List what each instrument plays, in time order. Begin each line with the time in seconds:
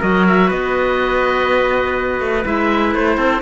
0.00 cello F#3, clarinet F#4, trumpet A#4, oboe D#5
0.28 oboe E5
0.48 cello B3, trumpet B4, oboe D#5
2.20 cello A3
2.45 cello G#3, clarinet E4, oboe E5
2.95 cello A3, oboe C5
3.17 cello C4, trumpet A4